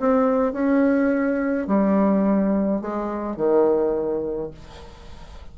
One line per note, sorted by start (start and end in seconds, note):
0.00 0.53 C4
0.53 1.68 C#4
1.68 2.81 G3
2.81 3.37 G#3
3.37 4.51 D#3